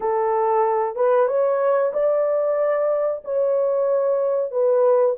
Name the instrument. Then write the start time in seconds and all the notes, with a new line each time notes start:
horn
0.00 A4
0.95 B4
1.27 C#5
1.93 D5
3.24 C#5
4.51 B4